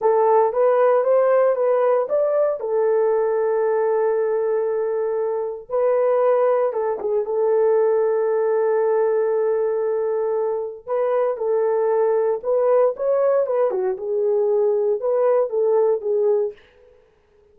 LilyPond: \new Staff \with { instrumentName = "horn" } { \time 4/4 \tempo 4 = 116 a'4 b'4 c''4 b'4 | d''4 a'2.~ | a'2. b'4~ | b'4 a'8 gis'8 a'2~ |
a'1~ | a'4 b'4 a'2 | b'4 cis''4 b'8 fis'8 gis'4~ | gis'4 b'4 a'4 gis'4 | }